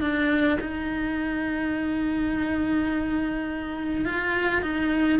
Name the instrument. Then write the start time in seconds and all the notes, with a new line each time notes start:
cello
0.00 D4
0.60 D#4
4.05 F4
4.62 D#4